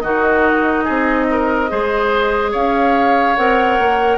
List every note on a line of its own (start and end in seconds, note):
0.00 0.87 D#3
0.00 1.69 D#4
0.00 0.85 F#4
0.00 2.50 D#5
0.85 1.72 C4
0.85 1.26 G#4
1.31 1.71 A#4
1.69 2.54 G#3
1.69 3.35 G#4
1.69 2.52 C5
2.52 3.37 C#4
2.52 4.18 C#5
2.52 3.36 F5
3.36 3.79 C4
3.36 4.18 A#4
3.36 4.18 F#5
3.79 4.18 A#3